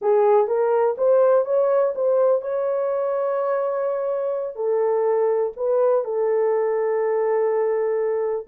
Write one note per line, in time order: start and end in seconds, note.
0.01 0.47 G#4
0.47 0.95 A#4
0.97 1.45 C5
1.45 1.93 C#5
1.95 2.41 C5
2.41 4.55 C#5
4.55 5.52 A4
5.56 6.04 B4
6.04 8.46 A4